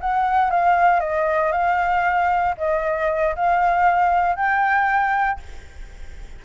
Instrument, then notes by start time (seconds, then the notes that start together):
flute
0.00 F#5
0.50 F5
1.00 D#5
1.52 F5
2.57 D#5
3.36 F5
4.36 G5